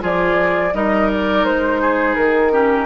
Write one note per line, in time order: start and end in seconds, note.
0.00 0.74 F3
0.00 0.71 F4
0.00 0.74 G#4
0.00 0.75 D5
0.74 1.44 G3
0.74 2.52 D#4
0.74 1.81 A#4
0.74 1.10 D#5
1.11 1.45 D5
1.44 2.16 G#3
1.44 2.15 C5
1.81 2.52 G#4
2.15 2.85 D#3
2.15 2.85 A#4
2.52 2.85 C#4
2.52 2.85 G4